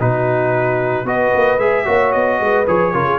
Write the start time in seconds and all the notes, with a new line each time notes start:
0.00 B2 D#4 F#4 B4
1.05 B3 F#4 B4 D#5
1.36 A#3
1.58 G#3 G#4 E5
1.86 A#3 F#4 C#5
2.13 B3 D#5
2.41 G#3 B4
2.68 F3 G#4 C#5
2.94 C#3 F4 A#4
3.06 G#4